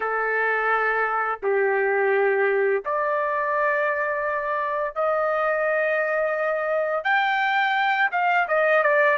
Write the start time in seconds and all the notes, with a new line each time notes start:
0.00 A4
1.42 G4
2.85 D5
4.95 D#5
7.04 G5
8.11 F5
8.48 D#5
8.83 D5